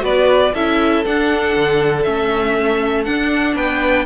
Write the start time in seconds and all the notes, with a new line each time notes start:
0.00 B3 F#4 B4 D5
0.54 C#4 E4 A4 E5
1.05 D4 F#5
1.56 D3
2.03 A3 C#4 E5
3.04 D4 F#5
3.55 B3 B4 G5